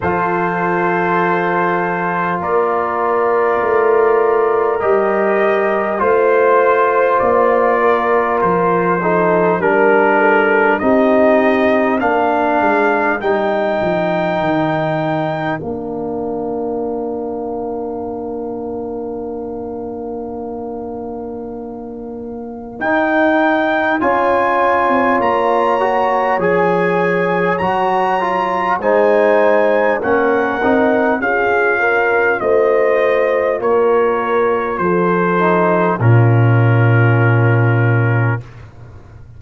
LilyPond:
<<
  \new Staff \with { instrumentName = "trumpet" } { \time 4/4 \tempo 4 = 50 c''2 d''2 | dis''4 c''4 d''4 c''4 | ais'4 dis''4 f''4 g''4~ | g''4 f''2.~ |
f''2. g''4 | gis''4 ais''4 gis''4 ais''4 | gis''4 fis''4 f''4 dis''4 | cis''4 c''4 ais'2 | }
  \new Staff \with { instrumentName = "horn" } { \time 4/4 a'2 ais'2~ | ais'4 c''4. ais'4 a'8 | ais'8 a'8 g'4 ais'2~ | ais'1~ |
ais'1 | cis''1 | c''4 ais'4 gis'8 ais'8 c''4 | ais'4 a'4 f'2 | }
  \new Staff \with { instrumentName = "trombone" } { \time 4/4 f'1 | g'4 f'2~ f'8 dis'8 | d'4 dis'4 d'4 dis'4~ | dis'4 d'2.~ |
d'2. dis'4 | f'4. fis'8 gis'4 fis'8 f'8 | dis'4 cis'8 dis'8 f'2~ | f'4. dis'8 cis'2 | }
  \new Staff \with { instrumentName = "tuba" } { \time 4/4 f2 ais4 a4 | g4 a4 ais4 f4 | g4 c'4 ais8 gis8 g8 f8 | dis4 ais2.~ |
ais2. dis'4 | cis'8. c'16 ais4 f4 fis4 | gis4 ais8 c'8 cis'4 a4 | ais4 f4 ais,2 | }
>>